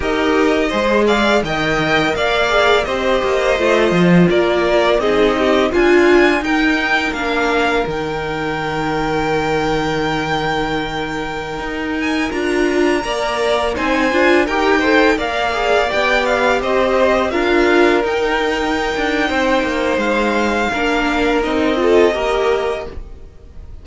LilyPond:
<<
  \new Staff \with { instrumentName = "violin" } { \time 4/4 \tempo 4 = 84 dis''4. f''8 g''4 f''4 | dis''2 d''4 dis''4 | gis''4 g''4 f''4 g''4~ | g''1~ |
g''8. gis''8 ais''2 gis''8.~ | gis''16 g''4 f''4 g''8 f''8 dis''8.~ | dis''16 f''4 g''2~ g''8. | f''2 dis''2 | }
  \new Staff \with { instrumentName = "violin" } { \time 4/4 ais'4 c''8 d''8 dis''4 d''4 | c''2 ais'4 gis'8 g'8 | f'4 ais'2.~ | ais'1~ |
ais'2~ ais'16 d''4 c''8.~ | c''16 ais'8 c''8 d''2 c''8.~ | c''16 ais'2~ ais'8. c''4~ | c''4 ais'4. a'8 ais'4 | }
  \new Staff \with { instrumentName = "viola" } { \time 4/4 g'4 gis'4 ais'4. gis'8 | g'4 f'2 dis'4 | f'4 dis'4 d'4 dis'4~ | dis'1~ |
dis'4~ dis'16 f'4 ais'4 dis'8 f'16~ | f'16 g'8 a'8 ais'8 gis'8 g'4.~ g'16~ | g'16 f'4 dis'2~ dis'8.~ | dis'4 d'4 dis'8 f'8 g'4 | }
  \new Staff \with { instrumentName = "cello" } { \time 4/4 dis'4 gis4 dis4 ais4 | c'8 ais8 a8 f8 ais4 c'4 | d'4 dis'4 ais4 dis4~ | dis1~ |
dis16 dis'4 d'4 ais4 c'8 d'16~ | d'16 dis'4 ais4 b4 c'8.~ | c'16 d'4 dis'4~ dis'16 d'8 c'8 ais8 | gis4 ais4 c'4 ais4 | }
>>